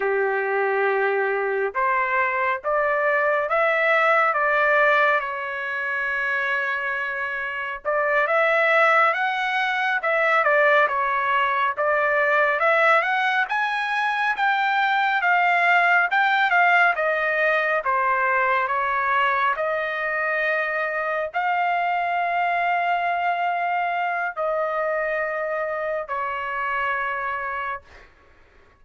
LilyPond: \new Staff \with { instrumentName = "trumpet" } { \time 4/4 \tempo 4 = 69 g'2 c''4 d''4 | e''4 d''4 cis''2~ | cis''4 d''8 e''4 fis''4 e''8 | d''8 cis''4 d''4 e''8 fis''8 gis''8~ |
gis''8 g''4 f''4 g''8 f''8 dis''8~ | dis''8 c''4 cis''4 dis''4.~ | dis''8 f''2.~ f''8 | dis''2 cis''2 | }